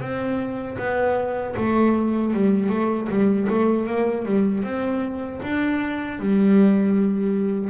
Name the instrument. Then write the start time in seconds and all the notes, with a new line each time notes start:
double bass
0.00 C4
0.78 B3
1.57 A3
2.33 G3
2.69 A3
3.09 G3
3.49 A3
3.86 A#3
4.25 G3
4.63 C4
5.43 D4
6.19 G3